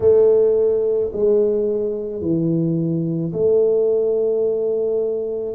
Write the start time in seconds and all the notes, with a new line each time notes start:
0.00 A3
1.13 G#3
2.21 E3
3.32 A3